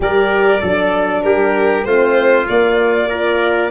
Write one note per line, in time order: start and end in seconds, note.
0.00 0.60 G3
0.00 0.61 G4
0.00 0.61 A#4
0.00 1.22 D5
0.61 1.23 F#3
0.61 1.85 D4
0.61 1.23 A4
1.22 1.85 G3
1.22 1.86 G4
1.22 1.84 A#4
1.84 2.47 A3
1.84 2.45 C4
1.84 3.08 F4
1.84 2.46 C5
2.45 3.07 A#3
2.45 3.70 A#3
2.45 3.70 D5
3.08 3.70 F4
3.08 3.70 A#4